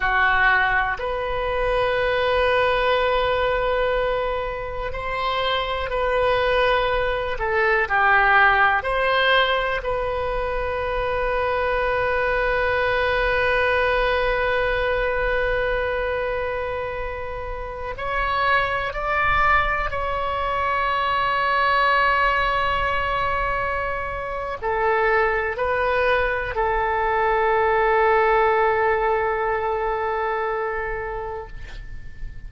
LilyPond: \new Staff \with { instrumentName = "oboe" } { \time 4/4 \tempo 4 = 61 fis'4 b'2.~ | b'4 c''4 b'4. a'8 | g'4 c''4 b'2~ | b'1~ |
b'2~ b'16 cis''4 d''8.~ | d''16 cis''2.~ cis''8.~ | cis''4 a'4 b'4 a'4~ | a'1 | }